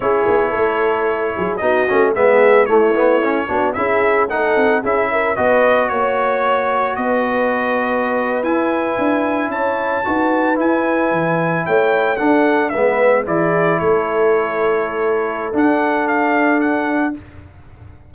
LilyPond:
<<
  \new Staff \with { instrumentName = "trumpet" } { \time 4/4 \tempo 4 = 112 cis''2. dis''4 | e''4 cis''2 e''4 | fis''4 e''4 dis''4 cis''4~ | cis''4 dis''2~ dis''8. gis''16~ |
gis''4.~ gis''16 a''2 gis''16~ | gis''4.~ gis''16 g''4 fis''4 e''16~ | e''8. d''4 cis''2~ cis''16~ | cis''4 fis''4 f''4 fis''4 | }
  \new Staff \with { instrumentName = "horn" } { \time 4/4 gis'4 a'4. gis'8 fis'4 | gis'4 e'4. fis'8 gis'4 | a'4 gis'8 ais'8 b'4 cis''4~ | cis''4 b'2.~ |
b'4.~ b'16 cis''4 b'4~ b'16~ | b'4.~ b'16 cis''4 a'4 b'16~ | b'8. gis'4 a'2~ a'16~ | a'1 | }
  \new Staff \with { instrumentName = "trombone" } { \time 4/4 e'2. dis'8 cis'8 | b4 a8 b8 cis'8 d'8 e'4 | dis'4 e'4 fis'2~ | fis'2.~ fis'8. e'16~ |
e'2~ e'8. fis'4 e'16~ | e'2~ e'8. d'4 b16~ | b8. e'2.~ e'16~ | e'4 d'2. | }
  \new Staff \with { instrumentName = "tuba" } { \time 4/4 cis'8 b8 a4. fis8 b8 a8 | gis4 a4. b8 cis'4 | a8 c'8 cis'4 b4 ais4~ | ais4 b2~ b8. e'16~ |
e'8. d'4 cis'4 dis'4 e'16~ | e'8. e4 a4 d'4 gis16~ | gis8. e4 a2~ a16~ | a4 d'2. | }
>>